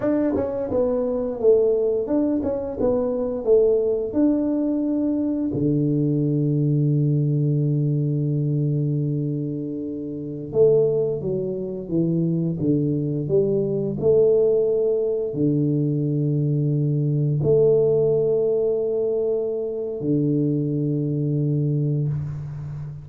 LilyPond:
\new Staff \with { instrumentName = "tuba" } { \time 4/4 \tempo 4 = 87 d'8 cis'8 b4 a4 d'8 cis'8 | b4 a4 d'2 | d1~ | d2.~ d16 a8.~ |
a16 fis4 e4 d4 g8.~ | g16 a2 d4.~ d16~ | d4~ d16 a2~ a8.~ | a4 d2. | }